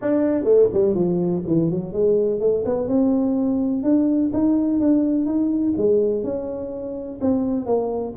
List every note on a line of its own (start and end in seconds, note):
0.01 0.44 D4
0.44 0.68 A3
0.73 0.94 G3
0.94 1.42 F3
1.46 1.70 E3
1.70 1.92 F#3
1.92 2.40 G#3
2.40 2.64 A3
2.65 2.87 B3
2.87 3.83 C4
3.83 4.31 D4
4.33 4.80 D#4
4.80 5.25 D4
5.25 5.73 D#4
5.77 6.23 G#3
6.23 7.19 C#4
7.21 7.66 C4
7.66 8.14 A#3